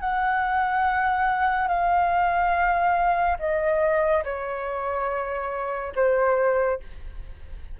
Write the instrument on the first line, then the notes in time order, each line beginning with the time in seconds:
flute
0.00 F#5
1.67 F5
3.39 D#5
4.24 C#5
5.95 C5